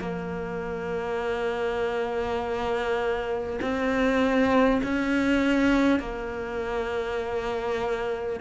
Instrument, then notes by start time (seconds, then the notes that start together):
cello
0.00 A#3
3.61 C4
4.83 C#4
5.99 A#3